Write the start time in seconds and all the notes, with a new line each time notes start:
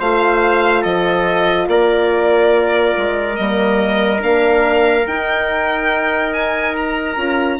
0.00 A3 F4 C5 F5
0.82 F3 A4 D#5
1.68 A#3 A#4 D5
2.97 G#3
3.36 G3 A#3 D#5
4.19 A#3 D4 F5
5.07 D#4 G5
6.34 G#5
6.77 A#5
7.17 C#4 F4